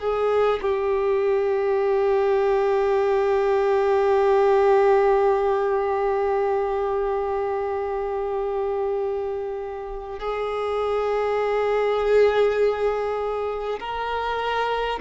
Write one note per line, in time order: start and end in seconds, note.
0.00 0.60 G#4
0.62 10.19 G4
10.19 13.79 G#4
13.79 14.99 A#4